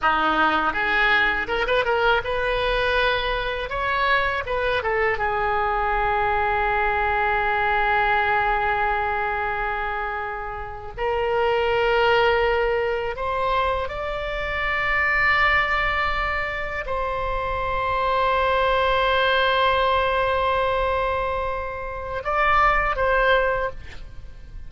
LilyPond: \new Staff \with { instrumentName = "oboe" } { \time 4/4 \tempo 4 = 81 dis'4 gis'4 ais'16 b'16 ais'8 b'4~ | b'4 cis''4 b'8 a'8 gis'4~ | gis'1~ | gis'2~ gis'8. ais'4~ ais'16~ |
ais'4.~ ais'16 c''4 d''4~ d''16~ | d''2~ d''8. c''4~ c''16~ | c''1~ | c''2 d''4 c''4 | }